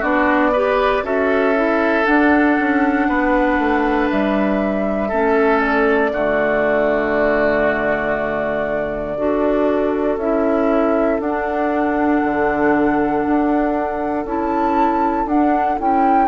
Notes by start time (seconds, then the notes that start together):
0.00 B3 D4 F#4 D5
0.53 G4 B4
1.03 C#4 F#4 A4 E5
1.55 E4
2.04 D4 F#5
2.59 C#4
3.08 B3 B4
3.59 A3
4.11 G3 E5
5.08 A3 C#4 A4
5.60 D5
6.12 D3 A3 F#4
9.17 D4 F#4 A4
10.17 C#4 E4 E5
11.20 D4 F#5
12.23 D3
13.26 D4
14.25 C#4 E4 A5
15.26 D4 F#5
15.78 C#4 E4 G5